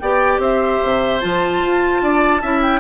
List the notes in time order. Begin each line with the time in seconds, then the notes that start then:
0.00 B3 G4 D5 G5
0.38 C4 C5 E5
0.83 C3
1.21 F3 F4 A5
1.62 F4
2.02 D4 D5
2.42 C#4 E4 E5
2.62 G5